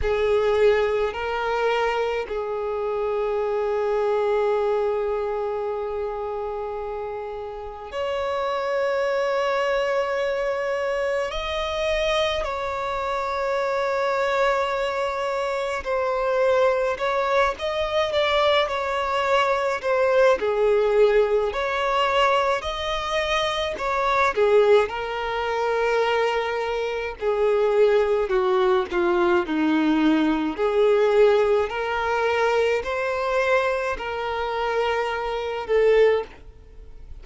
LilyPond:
\new Staff \with { instrumentName = "violin" } { \time 4/4 \tempo 4 = 53 gis'4 ais'4 gis'2~ | gis'2. cis''4~ | cis''2 dis''4 cis''4~ | cis''2 c''4 cis''8 dis''8 |
d''8 cis''4 c''8 gis'4 cis''4 | dis''4 cis''8 gis'8 ais'2 | gis'4 fis'8 f'8 dis'4 gis'4 | ais'4 c''4 ais'4. a'8 | }